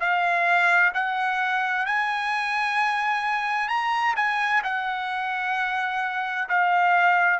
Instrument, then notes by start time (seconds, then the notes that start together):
trumpet
0.00 F5
0.94 F#5
1.86 G#5
3.68 A#5
4.16 G#5
4.64 F#5
6.49 F5